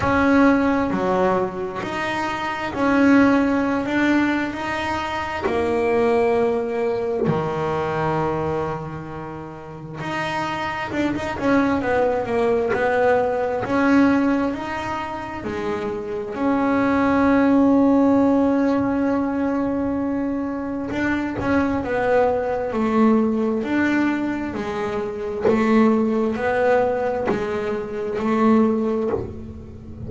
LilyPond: \new Staff \with { instrumentName = "double bass" } { \time 4/4 \tempo 4 = 66 cis'4 fis4 dis'4 cis'4~ | cis'16 d'8. dis'4 ais2 | dis2. dis'4 | d'16 dis'16 cis'8 b8 ais8 b4 cis'4 |
dis'4 gis4 cis'2~ | cis'2. d'8 cis'8 | b4 a4 d'4 gis4 | a4 b4 gis4 a4 | }